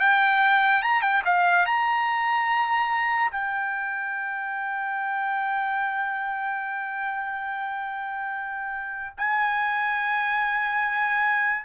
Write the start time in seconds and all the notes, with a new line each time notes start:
0.00 G5
0.82 A#5
1.02 G5
1.25 F5
1.66 A#5
3.31 G5
9.17 G#5